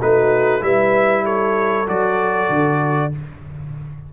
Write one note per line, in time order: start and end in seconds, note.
0.00 0.62 A3
0.00 0.61 D#4
0.00 0.62 F#4
0.00 0.63 B4
0.61 1.87 G3
0.61 1.86 E4
0.61 1.24 B4
0.61 1.25 E5
1.24 3.11 A4
1.24 1.88 C#5
1.86 2.49 F#3
1.86 3.11 F#4
1.86 3.13 D5
2.49 3.11 D3